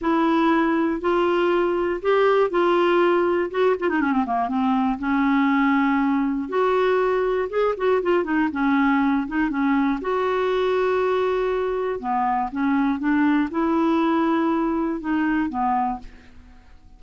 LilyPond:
\new Staff \with { instrumentName = "clarinet" } { \time 4/4 \tempo 4 = 120 e'2 f'2 | g'4 f'2 fis'8 f'16 dis'16 | cis'16 c'16 ais8 c'4 cis'2~ | cis'4 fis'2 gis'8 fis'8 |
f'8 dis'8 cis'4. dis'8 cis'4 | fis'1 | b4 cis'4 d'4 e'4~ | e'2 dis'4 b4 | }